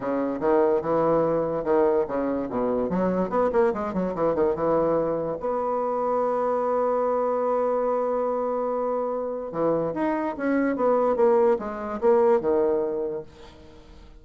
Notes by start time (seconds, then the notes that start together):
0.00 C#3
0.40 D#3
0.81 E3
1.63 D#3
2.07 C#3
2.49 B2
2.89 F#3
3.29 B3
3.52 A#3
3.73 G#3
3.93 F#3
4.14 E3
4.34 D#3
4.55 E3
5.40 B3
9.52 E3
9.94 D#4
10.37 C#4
10.76 B3
11.16 A#3
11.58 G#3
12.00 A#3
12.40 D#3